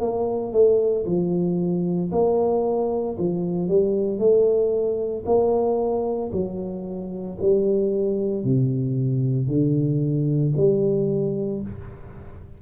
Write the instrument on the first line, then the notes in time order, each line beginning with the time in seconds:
tuba
0.00 A#3
0.53 A3
1.06 F3
2.11 A#3
3.18 F3
3.68 G3
4.19 A3
5.26 A#3
6.33 F#3
7.41 G3
8.44 C3
9.47 D3
10.56 G3